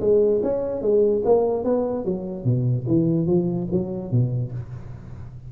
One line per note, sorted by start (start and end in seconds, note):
0.00 0.41 G#3
0.42 0.81 C#4
0.81 1.22 G#3
1.24 1.63 A#3
1.63 2.04 B3
2.04 2.44 F#3
2.44 2.85 B2
2.87 3.26 E3
3.26 3.67 F3
3.71 4.11 F#3
4.11 4.51 B2